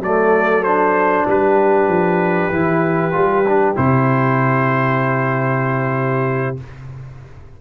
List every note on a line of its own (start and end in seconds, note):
0.00 1.25 F#3
0.00 0.65 A3
0.00 1.29 A4
0.00 0.64 D5
0.64 2.53 D4
0.64 1.26 C5
1.28 1.88 G3
1.28 6.61 G4
1.28 3.77 B4
1.88 2.51 F3
2.51 3.14 E3
2.51 3.13 E4
3.13 3.77 G3
3.13 3.44 F4
3.48 3.76 D4
3.76 6.59 C3
3.76 6.57 E4
3.76 6.58 C5